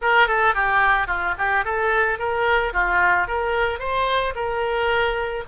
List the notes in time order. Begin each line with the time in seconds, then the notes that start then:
0.01 A#4
0.27 A4
0.54 G4
1.07 F4
1.38 G4
1.64 A4
2.18 A#4
2.73 F4
3.27 A#4
3.79 C5
4.35 A#4